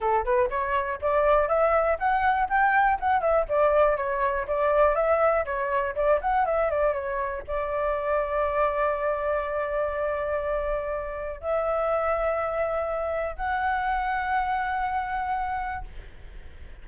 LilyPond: \new Staff \with { instrumentName = "flute" } { \time 4/4 \tempo 4 = 121 a'8 b'8 cis''4 d''4 e''4 | fis''4 g''4 fis''8 e''8 d''4 | cis''4 d''4 e''4 cis''4 | d''8 fis''8 e''8 d''8 cis''4 d''4~ |
d''1~ | d''2. e''4~ | e''2. fis''4~ | fis''1 | }